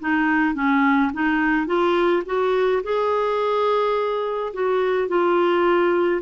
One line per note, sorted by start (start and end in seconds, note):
0.00 0.55 D#4
0.55 1.12 C#4
1.14 1.67 D#4
1.67 2.23 F4
2.26 2.83 F#4
2.84 4.53 G#4
4.53 5.08 F#4
5.08 6.22 F4